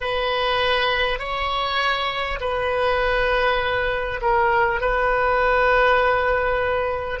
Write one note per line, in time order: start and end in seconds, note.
0.01 1.19 B4
1.19 2.39 C#5
2.40 4.20 B4
4.21 4.81 A#4
4.81 7.20 B4